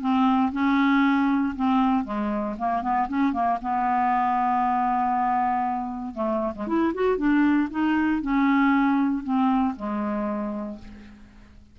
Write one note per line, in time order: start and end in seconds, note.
0.00 0.51 C4
0.52 1.54 C#4
1.55 2.04 C4
2.04 2.55 G#3
2.58 2.82 A#3
2.82 3.07 B3
3.08 3.33 C#4
3.33 3.58 A#3
3.61 6.14 B3
6.14 6.53 A3
6.55 6.67 G#3
6.67 6.93 E4
6.94 7.17 F#4
7.17 7.68 D4
7.70 8.21 D#4
8.21 9.23 C#4
9.23 9.75 C4
9.76 10.79 G#3